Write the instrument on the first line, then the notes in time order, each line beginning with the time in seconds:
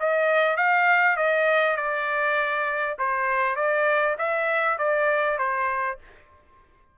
trumpet
0.00 D#5
0.56 F5
1.17 D#5
1.77 D5
2.99 C5
3.56 D5
4.19 E5
4.78 D5
5.38 C5